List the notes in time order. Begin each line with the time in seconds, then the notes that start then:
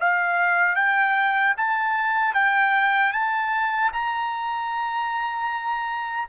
0.00 F5
0.76 G5
1.58 A5
2.35 G5
3.13 A5
3.93 A#5